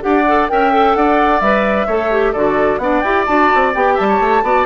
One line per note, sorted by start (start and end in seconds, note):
0.00 0.51 D4
0.00 0.23 G4
0.00 0.51 D5
0.00 0.48 F#5
0.27 0.49 A4
0.48 0.95 C#4
0.48 0.72 A#4
0.48 0.97 E5
0.48 0.94 G5
0.72 1.41 A4
0.94 1.41 D4
0.94 1.86 D5
0.94 1.40 F#5
1.40 1.87 G3
1.40 1.89 B4
1.40 2.33 E5
1.86 2.34 A3
1.86 2.11 A4
1.86 2.32 C#5
2.11 2.34 G4
2.32 2.78 D3
2.32 2.81 F#4
2.32 2.78 A4
2.32 2.78 D5
2.78 3.01 B3
2.78 3.04 D4
2.78 3.94 D5
2.78 3.01 F#5
3.01 3.27 E4
3.01 3.26 G4
3.01 3.24 G5
3.26 3.52 D4
3.26 3.73 F#4
3.26 3.72 A5
3.55 3.75 C4
3.74 3.98 B3
3.74 4.43 G4
3.74 3.97 G5
3.94 4.20 G3
3.94 4.06 E5
3.94 4.66 A5
4.08 4.43 C#5
4.20 4.42 A3
4.42 4.66 B3
4.42 4.66 F#4
4.42 4.66 D5